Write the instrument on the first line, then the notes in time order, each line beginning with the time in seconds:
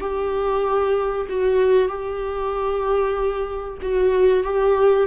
viola
0.00 G4
1.29 F#4
1.88 G4
3.82 F#4
4.43 G4